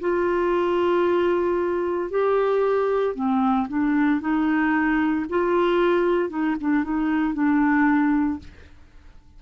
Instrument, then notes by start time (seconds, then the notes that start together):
clarinet
0.00 F4
2.10 G4
3.15 C4
3.68 D4
4.21 D#4
5.29 F4
6.29 D#4
6.60 D4
6.84 D#4
7.33 D4